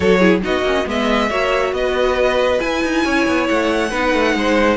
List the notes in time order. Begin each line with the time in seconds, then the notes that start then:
0.00 F#3 F#4 A4 C#5
0.19 E4 G#4
0.42 B3 D#4 F#4 D#5
0.61 A#3 C#4
0.85 G#3 B3 D#5 E5
1.29 A#3 F#4 C#5
1.72 B3 B4 D#5
2.59 E4 G#5
2.83 D#4
3.04 C#4 C#5
3.27 B3
3.48 A3 F#5
3.90 B3 D#4 B4
4.14 A3
4.34 G#3 C5